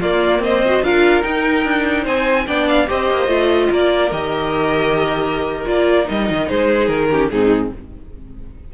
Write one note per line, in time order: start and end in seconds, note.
0.00 0.38 A#3
0.00 0.64 A#3
0.00 0.41 F4
0.00 0.42 D5
0.38 0.79 C4
0.38 0.83 D#5
0.45 0.84 C5
0.65 0.83 F#4
0.81 1.23 D4
0.81 1.22 F4
0.81 2.03 A#4
0.81 1.22 F5
1.22 2.45 D#4
1.22 1.64 D#4
1.22 2.04 G5
1.64 2.05 D4
2.03 2.46 C4
2.03 2.44 C5
2.03 2.47 G#5
2.47 2.88 B3
2.47 2.87 D4
2.47 2.88 D5
2.47 2.67 G5
2.67 2.88 F5
2.87 3.10 C4
2.87 3.27 G4
2.87 3.70 C5
2.87 3.72 D#5
3.10 3.27 A#3
3.27 3.68 A3
3.27 4.09 F4
3.70 4.11 A#3
3.70 6.47 A#4
3.70 4.12 D5
4.11 5.65 D#3
4.11 5.65 G4
4.11 5.66 D#5
5.65 6.08 A#3
5.65 6.04 F4
5.65 6.08 D5
6.04 6.30 G3
6.04 7.07 D#4
6.04 6.48 D#5
6.30 6.50 D#3
6.48 6.88 G#3
6.48 7.09 G#4
6.48 6.87 C5
6.87 7.29 D#3
6.87 7.29 A#4
7.10 7.31 C#4
7.10 7.30 G4
7.30 7.71 G#2
7.30 7.73 C4
7.30 7.73 D#4
7.30 7.71 G#4